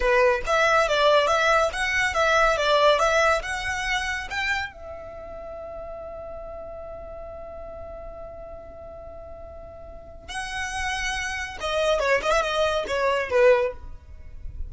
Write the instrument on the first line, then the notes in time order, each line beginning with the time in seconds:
violin
0.00 B4
0.46 E5
0.88 D5
1.27 E5
1.73 F#5
2.14 E5
2.57 D5
2.99 E5
3.42 F#5
4.30 G5
4.73 E5
10.29 F#5
11.60 D#5
11.99 C#5
12.22 D#5
12.31 E5
12.42 D#5
12.87 C#5
13.30 B4